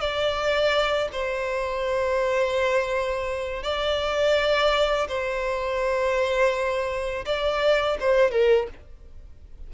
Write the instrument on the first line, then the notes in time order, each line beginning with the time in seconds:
violin
0.00 D5
1.12 C5
3.62 D5
5.08 C5
7.25 D5
8.00 C5
8.31 A#4